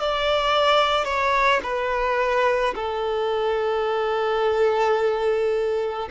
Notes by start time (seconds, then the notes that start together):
0.00 D5
1.05 C#5
1.63 B4
2.75 A4